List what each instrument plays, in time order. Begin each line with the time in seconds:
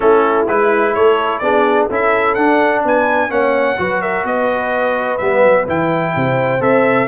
0.00 tuba A3, trombone C#4, horn E4, trumpet A4
0.47 tuba G#3, trombone E4, trumpet B4
0.94 tuba A3, horn A4, trumpet C#5
1.38 tuba B3, trombone D4, horn G#4, trumpet D5
1.88 tuba C#4, trombone E4, horn A4, trumpet E5
2.34 tuba D4, trombone D4, trumpet F#5
2.83 tuba B3, horn B4, trumpet G#5
3.29 tuba A#3, trombone C#4, horn C#5, trumpet F#5
3.77 tuba F#3, trombone F#4, horn B4
4.01 horn A#4, trumpet E5
4.24 tuba B3, horn B4, trumpet D#5
5.17 tuba G3, trombone B3, trumpet E5
5.43 tuba F#3
5.67 tuba E3, trombone E4, trumpet G5
6.15 tuba C3, horn C5
6.60 tuba C4, trombone A4, trumpet E5